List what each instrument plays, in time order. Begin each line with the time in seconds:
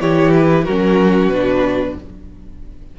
0.00 cello E3, viola E4, violin G4 C#5
0.34 violin B4
0.64 cello F#3, viola C#4, violin F#4 A#4
1.28 cello B2, viola D4, violin B4